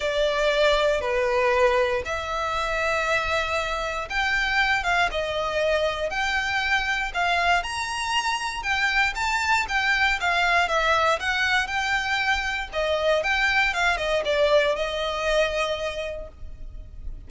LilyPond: \new Staff \with { instrumentName = "violin" } { \time 4/4 \tempo 4 = 118 d''2 b'2 | e''1 | g''4. f''8 dis''2 | g''2 f''4 ais''4~ |
ais''4 g''4 a''4 g''4 | f''4 e''4 fis''4 g''4~ | g''4 dis''4 g''4 f''8 dis''8 | d''4 dis''2. | }